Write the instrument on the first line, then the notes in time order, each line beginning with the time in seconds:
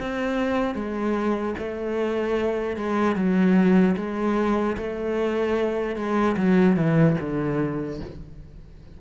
cello
0.00 C4
0.75 G#3
1.59 A3
2.76 G#3
3.15 F#3
3.96 G#3
4.77 A3
5.96 G#3
6.37 F#3
6.76 E3
7.20 D3